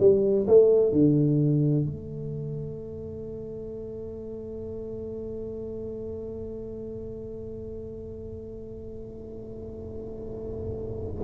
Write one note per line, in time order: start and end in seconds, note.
0.00 0.47 G3
0.48 0.92 A3
0.92 1.86 D3
1.86 11.24 A3